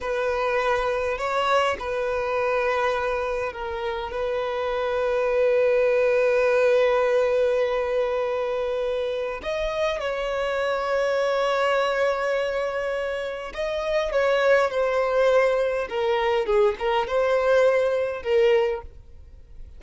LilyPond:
\new Staff \with { instrumentName = "violin" } { \time 4/4 \tempo 4 = 102 b'2 cis''4 b'4~ | b'2 ais'4 b'4~ | b'1~ | b'1 |
dis''4 cis''2.~ | cis''2. dis''4 | cis''4 c''2 ais'4 | gis'8 ais'8 c''2 ais'4 | }